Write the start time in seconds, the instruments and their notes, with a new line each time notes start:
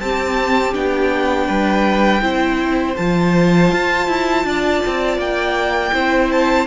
0.00 cello C4, viola C4, violin G4 A5
0.74 cello B3, viola D4, violin G5
1.47 cello G3, violin B4
2.21 cello C4, viola E4, violin C5
2.96 cello F3, viola F4, violin A5
3.71 cello F4
4.08 cello E4
4.44 cello D4, violin D5
4.86 cello C4
5.17 cello A#3, violin G5
5.93 cello C4, viola E4, violin C5
6.31 violin A5